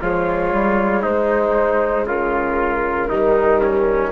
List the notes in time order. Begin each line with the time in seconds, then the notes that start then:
0.00 F3 G#3 F4 C#5
0.52 G3
1.02 G#3 D#4 C5
2.04 C#3 F4 A#4
3.09 D#3 G3 D#4
3.62 C#4